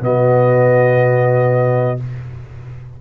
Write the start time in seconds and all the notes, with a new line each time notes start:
0.00 B2 B3 F#4 D#5